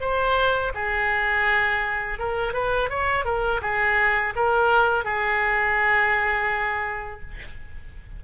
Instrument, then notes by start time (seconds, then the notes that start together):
oboe
0.00 C5
0.74 G#4
2.19 A#4
2.53 B4
2.89 C#5
3.24 A#4
3.61 G#4
4.35 A#4
5.04 G#4